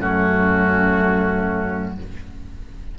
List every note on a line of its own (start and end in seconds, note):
0.00 1.98 F#2
0.00 1.98 A3
0.00 1.98 C#4
0.00 1.99 F#4